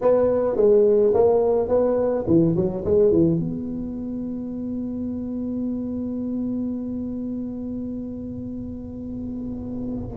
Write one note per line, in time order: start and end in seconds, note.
0.01 0.56 B3
0.56 1.13 G#3
1.13 1.68 A#3
1.68 2.25 B3
2.27 2.55 E3
2.56 2.84 F#3
2.85 3.11 G#3
3.11 3.39 E3
3.39 10.17 B3